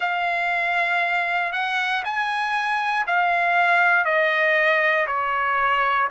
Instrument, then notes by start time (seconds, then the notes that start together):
trumpet
0.00 F5
1.52 F#5
2.04 G#5
3.06 F5
4.04 D#5
5.07 C#5